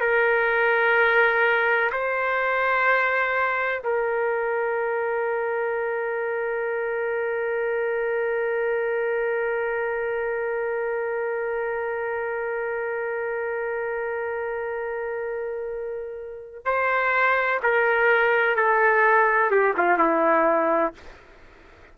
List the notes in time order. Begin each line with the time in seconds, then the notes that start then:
0.00 A#4
1.92 C5
3.83 A#4
16.65 C5
17.62 A#4
18.55 A4
19.50 G4
19.77 F4
19.98 E4